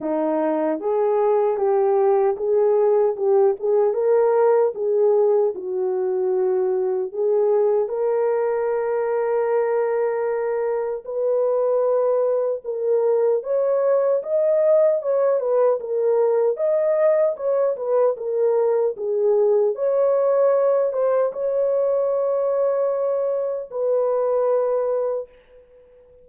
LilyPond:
\new Staff \with { instrumentName = "horn" } { \time 4/4 \tempo 4 = 76 dis'4 gis'4 g'4 gis'4 | g'8 gis'8 ais'4 gis'4 fis'4~ | fis'4 gis'4 ais'2~ | ais'2 b'2 |
ais'4 cis''4 dis''4 cis''8 b'8 | ais'4 dis''4 cis''8 b'8 ais'4 | gis'4 cis''4. c''8 cis''4~ | cis''2 b'2 | }